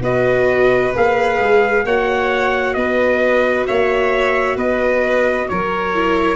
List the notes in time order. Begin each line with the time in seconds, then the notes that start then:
0.00 B3 F#4 B4 D#5
0.94 A#3 G#4 F5
1.39 G#3
1.84 A#3 F#4 C#5 F#5
2.74 B3 B4 D#5
3.67 A#3 C#5 E5
4.56 B3 B4 D#5
5.49 F#3 A#4 C#5
5.95 E4